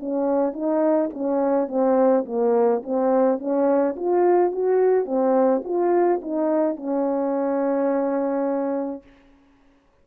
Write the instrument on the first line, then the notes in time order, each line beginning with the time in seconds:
horn
0.00 C#4
0.53 D#4
1.14 C#4
1.68 C4
2.25 A#3
2.83 C4
3.39 C#4
3.96 F4
4.52 F#4
5.05 C4
5.64 F4
6.22 D#4
6.76 C#4